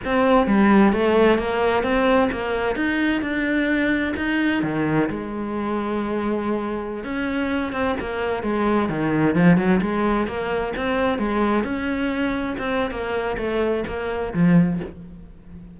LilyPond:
\new Staff \with { instrumentName = "cello" } { \time 4/4 \tempo 4 = 130 c'4 g4 a4 ais4 | c'4 ais4 dis'4 d'4~ | d'4 dis'4 dis4 gis4~ | gis2.~ gis16 cis'8.~ |
cis'8. c'8 ais4 gis4 dis8.~ | dis16 f8 fis8 gis4 ais4 c'8.~ | c'16 gis4 cis'2 c'8. | ais4 a4 ais4 f4 | }